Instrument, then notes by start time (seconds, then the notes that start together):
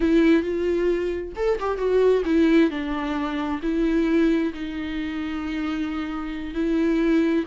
viola
0.00 E4
0.43 F4
1.36 A4
1.60 G4
1.77 F#4
2.25 E4
2.70 D4
3.62 E4
4.53 D#4
6.54 E4